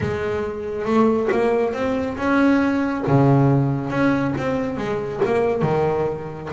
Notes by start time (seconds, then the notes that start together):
0.00 G#3
0.85 A3
1.31 A#3
1.73 C4
2.17 C#4
3.07 C#3
3.90 C#4
4.37 C4
4.77 G#3
5.25 A#3
5.62 D#3